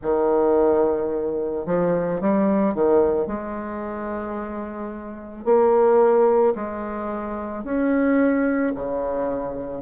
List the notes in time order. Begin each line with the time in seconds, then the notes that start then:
0.02 D#3
1.66 F3
2.21 G3
2.74 D#3
3.26 G#3
5.44 A#3
6.55 G#3
7.64 C#4
8.75 C#3